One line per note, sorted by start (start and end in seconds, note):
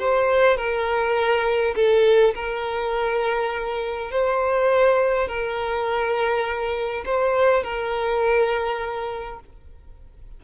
0.00 0.57 C5
0.57 1.75 A#4
1.76 2.34 A4
2.35 4.11 A#4
4.11 5.28 C5
5.28 7.05 A#4
7.06 7.64 C5
7.64 9.40 A#4